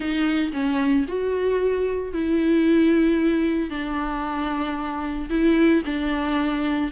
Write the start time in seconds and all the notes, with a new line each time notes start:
0.00 D#4
0.52 C#4
1.08 F#4
2.13 E4
3.70 D4
5.29 E4
5.85 D4